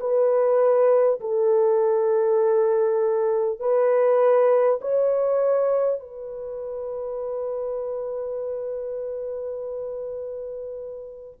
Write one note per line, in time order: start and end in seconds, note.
0.00 1.20 B4
1.20 3.59 A4
3.59 4.79 B4
4.81 6.00 C#5
6.00 11.40 B4